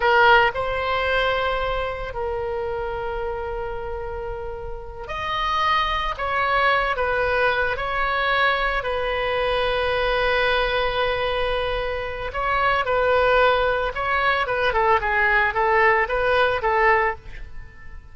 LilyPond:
\new Staff \with { instrumentName = "oboe" } { \time 4/4 \tempo 4 = 112 ais'4 c''2. | ais'1~ | ais'4. dis''2 cis''8~ | cis''4 b'4. cis''4.~ |
cis''8 b'2.~ b'8~ | b'2. cis''4 | b'2 cis''4 b'8 a'8 | gis'4 a'4 b'4 a'4 | }